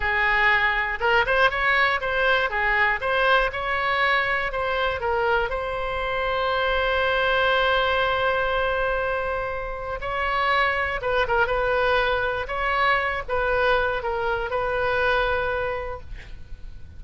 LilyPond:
\new Staff \with { instrumentName = "oboe" } { \time 4/4 \tempo 4 = 120 gis'2 ais'8 c''8 cis''4 | c''4 gis'4 c''4 cis''4~ | cis''4 c''4 ais'4 c''4~ | c''1~ |
c''1 | cis''2 b'8 ais'8 b'4~ | b'4 cis''4. b'4. | ais'4 b'2. | }